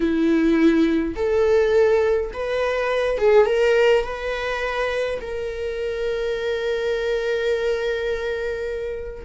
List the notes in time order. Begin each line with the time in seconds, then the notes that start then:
0.00 E4
1.15 A4
2.33 B4
3.17 G#4
3.46 A#4
4.04 B4
5.20 A#4